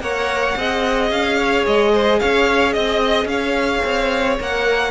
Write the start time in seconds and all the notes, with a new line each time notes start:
0.00 A#3 A#4 C#5 F#5
0.56 C4 G#4 D#5
1.10 C#4 F5
1.37 C#5
1.66 G#3 D#5
1.92 C5
2.19 C#4 C#5 F5
2.72 C4 D#5
3.25 C#4 C#5 F5
3.84 C4
4.39 A#3 A#4 F#5